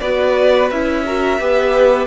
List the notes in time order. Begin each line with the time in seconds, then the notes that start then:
0.00 B3 F#4 B4 D5
0.70 C#4 E4 E5
1.06 F#4 A#4
1.39 B3 G4 B4